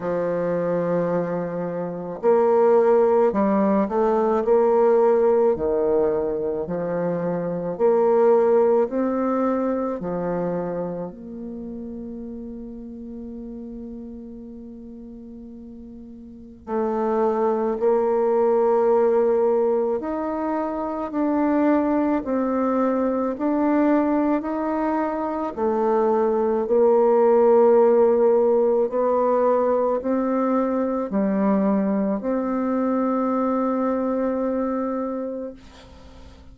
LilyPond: \new Staff \with { instrumentName = "bassoon" } { \time 4/4 \tempo 4 = 54 f2 ais4 g8 a8 | ais4 dis4 f4 ais4 | c'4 f4 ais2~ | ais2. a4 |
ais2 dis'4 d'4 | c'4 d'4 dis'4 a4 | ais2 b4 c'4 | g4 c'2. | }